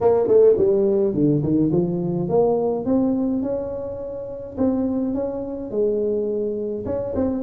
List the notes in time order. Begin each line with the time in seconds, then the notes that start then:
0.01 A#3
0.27 A3
0.57 G3
1.14 D3
1.42 D#3
1.71 F3
2.29 A#3
2.85 C4
3.42 C#4
4.57 C4
5.14 C#4
5.70 G#3
6.85 C#4
7.15 C4